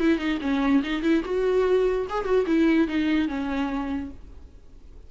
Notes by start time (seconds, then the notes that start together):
0.00 E4
0.18 D#4
0.41 C#4
0.84 D#4
1.03 E4
1.25 F#4
2.10 G#4
2.25 F#4
2.47 E4
2.88 D#4
3.28 C#4